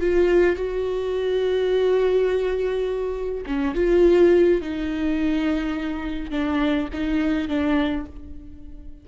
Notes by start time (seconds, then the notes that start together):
0.00 F4
0.56 F#4
3.46 C#4
3.74 F4
4.61 D#4
6.30 D4
6.93 D#4
7.48 D4